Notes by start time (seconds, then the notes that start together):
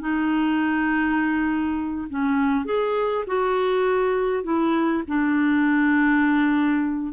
0.00 D#4
2.10 C#4
2.65 G#4
3.27 F#4
4.44 E4
5.08 D4